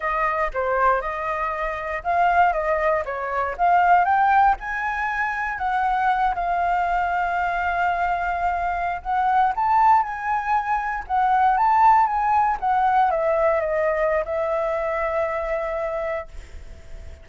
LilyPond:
\new Staff \with { instrumentName = "flute" } { \time 4/4 \tempo 4 = 118 dis''4 c''4 dis''2 | f''4 dis''4 cis''4 f''4 | g''4 gis''2 fis''4~ | fis''8 f''2.~ f''8~ |
f''4.~ f''16 fis''4 a''4 gis''16~ | gis''4.~ gis''16 fis''4 a''4 gis''16~ | gis''8. fis''4 e''4 dis''4~ dis''16 | e''1 | }